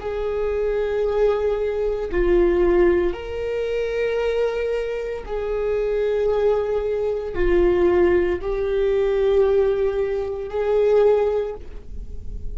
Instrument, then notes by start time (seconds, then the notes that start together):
viola
0.00 G#4
2.11 F4
3.14 A#4
5.26 G#4
7.35 F4
8.42 G4
10.50 G#4